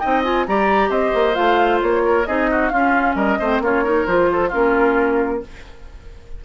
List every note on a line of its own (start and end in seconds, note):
0.00 0.48 C4
0.00 0.24 D#4
0.00 0.46 D#5
0.00 0.23 G5
0.24 0.47 F4
0.24 0.47 G#5
0.48 0.90 G3
0.48 1.34 G4
0.48 0.90 D5
0.48 0.91 A#5
0.90 1.12 C4
0.90 2.03 C5
0.90 1.35 D#5
1.15 1.37 A#3
1.34 1.83 A3
1.34 2.24 F4
1.34 1.80 F5
1.82 2.28 A#3
1.82 2.26 C#5
2.06 2.28 A#4
2.26 2.72 C4
2.26 2.73 D#4
2.26 2.50 G#4
2.26 2.69 D#5
2.51 2.72 F#4
2.69 3.16 C#4
2.69 3.41 C#4
2.69 3.16 F4
2.69 3.14 F5
3.16 3.38 G3
3.16 3.39 A#4
3.16 3.62 D#5
3.40 3.60 A3
3.40 3.64 C4
3.40 3.62 C5
3.60 4.05 A#3
3.60 3.85 C#4
3.60 3.84 F4
3.60 4.06 C#5
3.84 4.07 D#4
3.84 4.29 A#4
4.06 4.52 F3
4.06 4.52 F4
4.06 4.51 C5
4.33 4.49 A4
4.49 5.45 A#3
4.49 5.42 C#4
4.49 5.39 F4
4.49 5.43 A#4